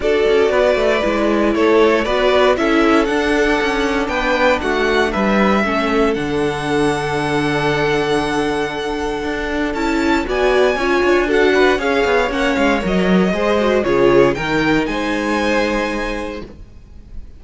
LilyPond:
<<
  \new Staff \with { instrumentName = "violin" } { \time 4/4 \tempo 4 = 117 d''2. cis''4 | d''4 e''4 fis''2 | g''4 fis''4 e''2 | fis''1~ |
fis''2. a''4 | gis''2 fis''4 f''4 | fis''8 f''8 dis''2 cis''4 | g''4 gis''2. | }
  \new Staff \with { instrumentName = "violin" } { \time 4/4 a'4 b'2 a'4 | b'4 a'2. | b'4 fis'4 b'4 a'4~ | a'1~ |
a'1 | d''4 cis''4 a'8 b'8 cis''4~ | cis''2 c''4 gis'4 | ais'4 c''2. | }
  \new Staff \with { instrumentName = "viola" } { \time 4/4 fis'2 e'2 | fis'4 e'4 d'2~ | d'2. cis'4 | d'1~ |
d'2. e'4 | fis'4 f'4 fis'4 gis'4 | cis'4 ais'4 gis'8 fis'8 f'4 | dis'1 | }
  \new Staff \with { instrumentName = "cello" } { \time 4/4 d'8 cis'8 b8 a8 gis4 a4 | b4 cis'4 d'4 cis'4 | b4 a4 g4 a4 | d1~ |
d2 d'4 cis'4 | b4 cis'8 d'4. cis'8 b8 | ais8 gis8 fis4 gis4 cis4 | dis4 gis2. | }
>>